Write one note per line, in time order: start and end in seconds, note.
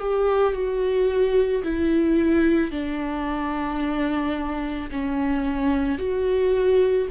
0.00 0.54 G4
0.54 1.63 F#4
1.64 2.72 E4
2.72 4.90 D4
4.91 5.99 C#4
5.99 7.08 F#4